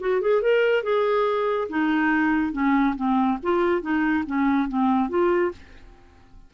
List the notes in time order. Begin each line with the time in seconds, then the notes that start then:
0.00 F#4
0.21 G#4
0.42 A#4
0.83 G#4
1.69 D#4
2.52 C#4
2.96 C4
3.43 F4
3.81 D#4
4.26 C#4
4.68 C4
5.09 F4